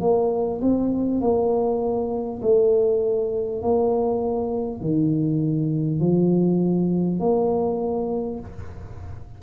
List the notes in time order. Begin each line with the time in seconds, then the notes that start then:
0.00 A#3
0.61 C4
1.20 A#3
2.42 A3
3.62 A#3
4.81 D#3
6.00 F3
7.19 A#3